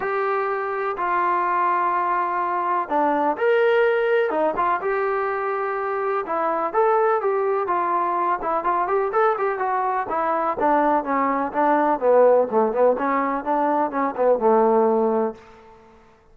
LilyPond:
\new Staff \with { instrumentName = "trombone" } { \time 4/4 \tempo 4 = 125 g'2 f'2~ | f'2 d'4 ais'4~ | ais'4 dis'8 f'8 g'2~ | g'4 e'4 a'4 g'4 |
f'4. e'8 f'8 g'8 a'8 g'8 | fis'4 e'4 d'4 cis'4 | d'4 b4 a8 b8 cis'4 | d'4 cis'8 b8 a2 | }